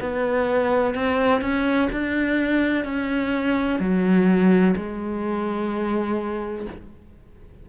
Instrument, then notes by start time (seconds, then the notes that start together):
cello
0.00 B3
0.94 C4
1.41 C#4
1.92 D4
2.84 C#4
3.80 F#3
4.76 G#3